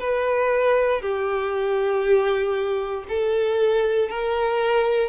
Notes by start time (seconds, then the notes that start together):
0.00 B4
1.01 G4
3.09 A4
4.09 A#4